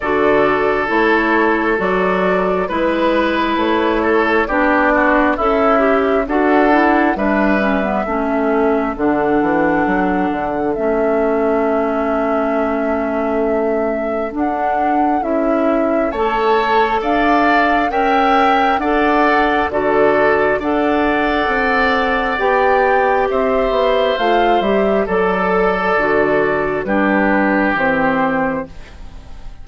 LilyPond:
<<
  \new Staff \with { instrumentName = "flute" } { \time 4/4 \tempo 4 = 67 d''4 cis''4 d''4 b'4 | cis''4 d''4 e''4 fis''4 | e''2 fis''2 | e''1 |
fis''4 e''4 a''4 f''4 | g''4 fis''4 d''4 fis''4~ | fis''4 g''4 e''4 f''8 e''8 | d''2 b'4 c''4 | }
  \new Staff \with { instrumentName = "oboe" } { \time 4/4 a'2. b'4~ | b'8 a'8 g'8 fis'8 e'4 a'4 | b'4 a'2.~ | a'1~ |
a'2 cis''4 d''4 | e''4 d''4 a'4 d''4~ | d''2 c''2 | a'2 g'2 | }
  \new Staff \with { instrumentName = "clarinet" } { \time 4/4 fis'4 e'4 fis'4 e'4~ | e'4 d'4 a'8 g'8 fis'8 e'8 | d'8 cis'16 b16 cis'4 d'2 | cis'1 |
d'4 e'4 a'2 | ais'4 a'4 fis'4 a'4~ | a'4 g'2 f'8 g'8 | a'4 fis'4 d'4 c'4 | }
  \new Staff \with { instrumentName = "bassoon" } { \time 4/4 d4 a4 fis4 gis4 | a4 b4 cis'4 d'4 | g4 a4 d8 e8 fis8 d8 | a1 |
d'4 cis'4 a4 d'4 | cis'4 d'4 d4 d'4 | c'4 b4 c'8 b8 a8 g8 | fis4 d4 g4 e4 | }
>>